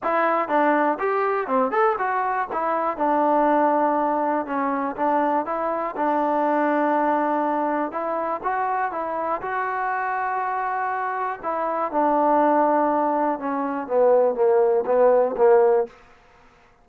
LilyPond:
\new Staff \with { instrumentName = "trombone" } { \time 4/4 \tempo 4 = 121 e'4 d'4 g'4 c'8 a'8 | fis'4 e'4 d'2~ | d'4 cis'4 d'4 e'4 | d'1 |
e'4 fis'4 e'4 fis'4~ | fis'2. e'4 | d'2. cis'4 | b4 ais4 b4 ais4 | }